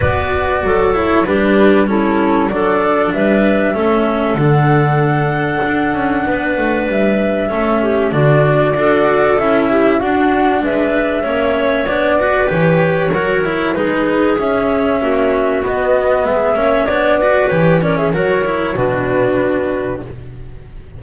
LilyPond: <<
  \new Staff \with { instrumentName = "flute" } { \time 4/4 \tempo 4 = 96 d''4. cis''8 b'4 a'4 | d''4 e''2 fis''4~ | fis''2. e''4~ | e''4 d''2 e''4 |
fis''4 e''2 d''4 | cis''2 b'4 e''4~ | e''4 dis''4 e''4 d''4 | cis''8 d''16 e''16 cis''4 b'2 | }
  \new Staff \with { instrumentName = "clarinet" } { \time 4/4 b'4 a'4 g'4 e'4 | a'4 b'4 a'2~ | a'2 b'2 | a'8 g'8 fis'4 a'4. g'8 |
fis'4 b'4 cis''4. b'8~ | b'4 ais'4 gis'2 | fis'2 gis'8 cis''4 b'8~ | b'8 ais'16 gis'16 ais'4 fis'2 | }
  \new Staff \with { instrumentName = "cello" } { \time 4/4 fis'4. e'8 d'4 cis'4 | d'2 cis'4 d'4~ | d'1 | cis'4 d'4 fis'4 e'4 |
d'2 cis'4 d'8 fis'8 | g'4 fis'8 e'8 dis'4 cis'4~ | cis'4 b4. cis'8 d'8 fis'8 | g'8 cis'8 fis'8 e'8 d'2 | }
  \new Staff \with { instrumentName = "double bass" } { \time 4/4 b4 fis4 g2 | fis4 g4 a4 d4~ | d4 d'8 cis'8 b8 a8 g4 | a4 d4 d'4 cis'4 |
d'4 gis4 ais4 b4 | e4 fis4 gis4 cis'4 | ais4 b4 gis8 ais8 b4 | e4 fis4 b,2 | }
>>